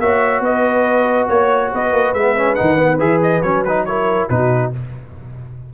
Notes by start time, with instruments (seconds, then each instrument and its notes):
0.00 tuba A#3, trombone F#4, horn C#5, trumpet E5
0.40 tuba B3, horn B4, trumpet D#5
1.29 tuba A#3, trumpet C#5, horn C#5
1.72 tuba B3, horn B4, trumpet D#5
1.92 tuba A#3
2.14 tuba G#3, trombone B3, trumpet E5
2.37 trombone C#4
2.55 tuba D#3, trombone D#4, trumpet F#5
2.78 trombone B3
2.99 tuba E3, trombone G#4, trumpet E5
3.23 trumpet D#5
3.42 tuba F#3, trombone C#4, trumpet C#5
3.65 trombone D#4, trumpet B4
3.86 trombone E4, horn A#4, trumpet C#5
4.29 tuba B2, trombone D#4, horn F#4, trumpet B4